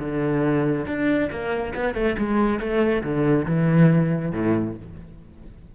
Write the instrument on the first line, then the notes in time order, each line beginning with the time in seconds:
cello
0.00 D3
0.87 D4
1.31 A#3
1.75 B3
1.95 A3
2.18 G#3
2.60 A3
3.04 D3
3.46 E3
4.32 A2